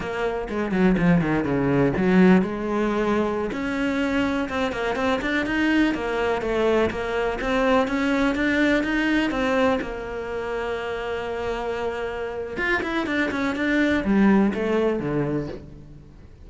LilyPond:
\new Staff \with { instrumentName = "cello" } { \time 4/4 \tempo 4 = 124 ais4 gis8 fis8 f8 dis8 cis4 | fis4 gis2~ gis16 cis'8.~ | cis'4~ cis'16 c'8 ais8 c'8 d'8 dis'8.~ | dis'16 ais4 a4 ais4 c'8.~ |
c'16 cis'4 d'4 dis'4 c'8.~ | c'16 ais2.~ ais8.~ | ais2 f'8 e'8 d'8 cis'8 | d'4 g4 a4 d4 | }